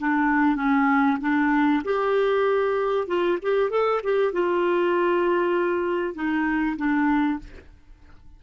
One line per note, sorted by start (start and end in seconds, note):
0.00 0.56 D4
0.56 1.18 C#4
1.21 1.83 D4
1.84 3.08 G4
3.08 3.39 F4
3.42 3.71 G4
3.71 4.01 A4
4.04 4.33 G4
4.33 6.15 F4
6.15 6.77 D#4
6.77 7.39 D4